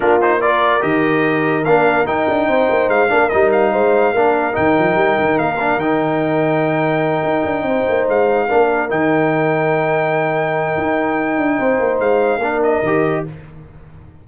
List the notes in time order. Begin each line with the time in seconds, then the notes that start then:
0.00 A#3 D4 F4 A#4
0.21 D#4 C5
0.41 F4 A#4 D5
0.80 D#3 G4 D#5
1.64 A#3 D4 F5
2.06 D#4 G5
2.28 D4
2.48 C4 C5
2.69 A#3
2.88 G#3 F5
3.09 A#3 D4 A#4
3.29 G3 D#4 D#5
3.52 F5
3.71 G#3 C5
4.13 A#3 D4 A#4
4.53 D#3 D#4 G5
4.78 F3
4.95 G3
5.19 D#3
5.38 A#3 F5
5.59 D4
5.76 D#3 D#4 G5
7.23 D#4
7.44 D4
7.62 C4 C5
7.88 A#3
8.08 G#3 F5
8.48 A#3 D4 A#4
8.89 D#3 D#4 G5
10.77 D#4
11.37 D4
11.57 C4 C5
11.79 A#3
11.99 G#3 F5
12.38 A#3 D4 A#4
12.63 D#5
12.82 D#3 G4